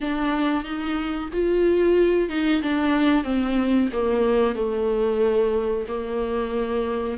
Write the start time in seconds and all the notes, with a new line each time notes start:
0.00 D4
0.64 D#4
1.32 F4
2.29 D#4
2.61 D4
3.24 C4
3.92 A#3
4.55 A3
5.88 A#3